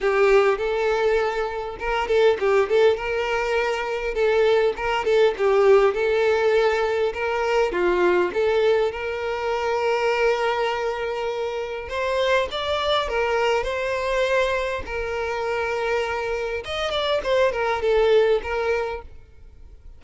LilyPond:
\new Staff \with { instrumentName = "violin" } { \time 4/4 \tempo 4 = 101 g'4 a'2 ais'8 a'8 | g'8 a'8 ais'2 a'4 | ais'8 a'8 g'4 a'2 | ais'4 f'4 a'4 ais'4~ |
ais'1 | c''4 d''4 ais'4 c''4~ | c''4 ais'2. | dis''8 d''8 c''8 ais'8 a'4 ais'4 | }